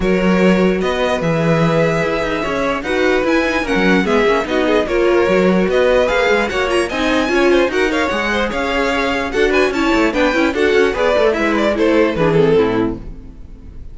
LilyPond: <<
  \new Staff \with { instrumentName = "violin" } { \time 4/4 \tempo 4 = 148 cis''2 dis''4 e''4~ | e''2. fis''4 | gis''4 fis''4 e''4 dis''4 | cis''2 dis''4 f''4 |
fis''8 ais''8 gis''2 fis''8 f''8 | fis''4 f''2 fis''8 gis''8 | a''4 g''4 fis''4 d''4 | e''8 d''8 c''4 b'8 a'4. | }
  \new Staff \with { instrumentName = "violin" } { \time 4/4 ais'2 b'2~ | b'2 cis''4 b'4~ | b'4 ais'4 gis'4 fis'8 gis'8 | ais'2 b'2 |
cis''4 dis''4 cis''8 c''8 ais'8 cis''8~ | cis''8 c''8 cis''2 a'8 b'8 | cis''4 b'4 a'4 b'4 | e'4 a'4 gis'4 e'4 | }
  \new Staff \with { instrumentName = "viola" } { \time 4/4 fis'2. gis'4~ | gis'2. fis'4 | e'8 dis'8 cis'4 b8 cis'8 dis'4 | f'4 fis'2 gis'4 |
fis'8 f'8 dis'4 f'4 fis'8 ais'8 | gis'2. fis'4 | e'4 d'8 e'8 fis'4 gis'8 a'8 | b'4 e'4 d'8 c'4. | }
  \new Staff \with { instrumentName = "cello" } { \time 4/4 fis2 b4 e4~ | e4 e'8 dis'8 cis'4 dis'4 | e'4 ais16 fis8. gis8 ais8 b4 | ais4 fis4 b4 ais8 gis8 |
ais4 c'4 cis'4 dis'4 | gis4 cis'2 d'4 | cis'8 a8 b8 cis'8 d'8 cis'8 b8 a8 | gis4 a4 e4 a,4 | }
>>